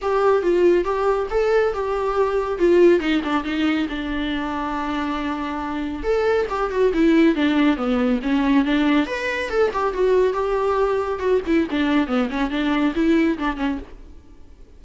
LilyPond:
\new Staff \with { instrumentName = "viola" } { \time 4/4 \tempo 4 = 139 g'4 f'4 g'4 a'4 | g'2 f'4 dis'8 d'8 | dis'4 d'2.~ | d'2 a'4 g'8 fis'8 |
e'4 d'4 b4 cis'4 | d'4 b'4 a'8 g'8 fis'4 | g'2 fis'8 e'8 d'4 | b8 cis'8 d'4 e'4 d'8 cis'8 | }